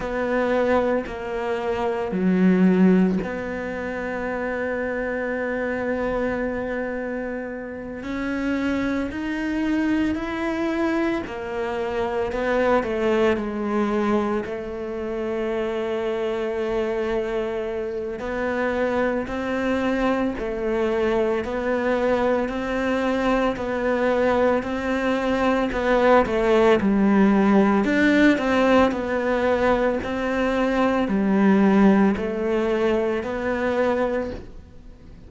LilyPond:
\new Staff \with { instrumentName = "cello" } { \time 4/4 \tempo 4 = 56 b4 ais4 fis4 b4~ | b2.~ b8 cis'8~ | cis'8 dis'4 e'4 ais4 b8 | a8 gis4 a2~ a8~ |
a4 b4 c'4 a4 | b4 c'4 b4 c'4 | b8 a8 g4 d'8 c'8 b4 | c'4 g4 a4 b4 | }